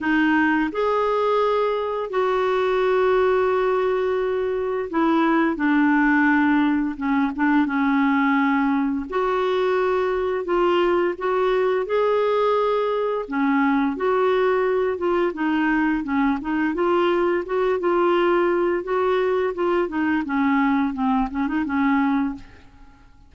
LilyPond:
\new Staff \with { instrumentName = "clarinet" } { \time 4/4 \tempo 4 = 86 dis'4 gis'2 fis'4~ | fis'2. e'4 | d'2 cis'8 d'8 cis'4~ | cis'4 fis'2 f'4 |
fis'4 gis'2 cis'4 | fis'4. f'8 dis'4 cis'8 dis'8 | f'4 fis'8 f'4. fis'4 | f'8 dis'8 cis'4 c'8 cis'16 dis'16 cis'4 | }